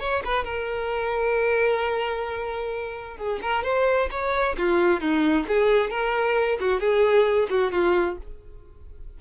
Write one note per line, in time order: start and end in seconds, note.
0.00 0.23 C#5
0.25 0.44 B4
0.44 3.17 A#4
3.17 3.40 G#4
3.42 3.64 A#4
3.64 4.09 C5
4.11 4.57 C#5
4.58 5.01 F4
5.01 5.46 D#4
5.48 5.91 G#4
5.91 6.59 A#4
6.60 6.80 F#4
6.80 7.49 G#4
7.50 7.72 F#4
7.72 8.18 F4